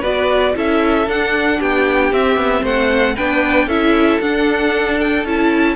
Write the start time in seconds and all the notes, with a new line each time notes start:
0.00 B3 F#4 B4 D5
0.55 C#4 E4 A4 E5
1.07 D4 F#5
1.59 B3 G4 G5
2.12 C4 E5
2.36 B3
2.62 A3 C5 F#5
3.16 B3 D4 B4 G5
3.66 C#4 E4 A4 E5
4.20 D4 F#5
5.00 G5
5.24 C#4 E4 A5